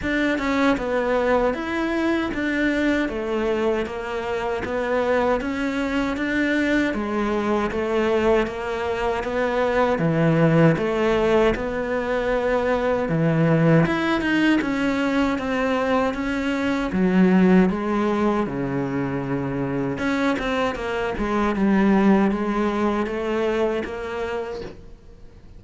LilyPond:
\new Staff \with { instrumentName = "cello" } { \time 4/4 \tempo 4 = 78 d'8 cis'8 b4 e'4 d'4 | a4 ais4 b4 cis'4 | d'4 gis4 a4 ais4 | b4 e4 a4 b4~ |
b4 e4 e'8 dis'8 cis'4 | c'4 cis'4 fis4 gis4 | cis2 cis'8 c'8 ais8 gis8 | g4 gis4 a4 ais4 | }